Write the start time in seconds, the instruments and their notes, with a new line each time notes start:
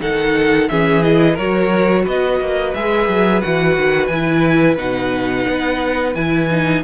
0.00 cello D#3, viola D#4, violin A4 F#5
0.69 cello E3, viola C#4, violin G#4 E5
1.02 viola E4, violin D#5
1.34 cello F#3, violin A#4 C#5
1.40 viola F#4
2.04 cello B3, violin B4 D#5
2.40 cello A#3
2.74 cello G#3, viola G#4, violin E5
3.08 cello F#3
3.41 cello E3, viola F#4, violin F#5
3.77 cello D#3
4.07 cello E3, viola E4, violin G#5
4.77 cello B2, viola D#4, violin F#5
5.48 cello B3
6.15 cello E3, viola E4, violin G#5
6.50 viola D#4